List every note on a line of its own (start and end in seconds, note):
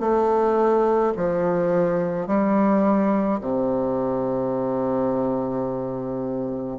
0.00 1.13 A3
1.16 2.27 F3
2.27 3.41 G3
3.41 6.79 C3